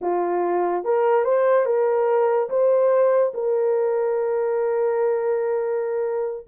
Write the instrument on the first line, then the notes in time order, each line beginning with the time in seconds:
horn
0.01 F4
0.84 A#4
1.24 C5
1.65 A#4
2.49 C5
3.34 A#4